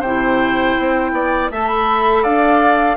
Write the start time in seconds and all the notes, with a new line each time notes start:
0.00 C3 E4 C5 G5
0.79 C4
1.12 B3 D5
1.50 A3 A4 E5 A5
1.68 B5
2.23 D4 D5 F5